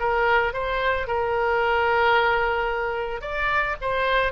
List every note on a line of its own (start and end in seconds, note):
0.00 0.53 A#4
0.53 1.07 C5
1.07 3.22 A#4
3.22 3.76 D5
3.81 4.32 C5